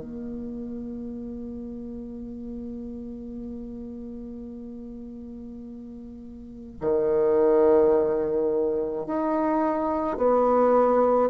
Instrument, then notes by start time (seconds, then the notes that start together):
bassoon
0.00 A#3
6.81 D#3
9.06 D#4
10.17 B3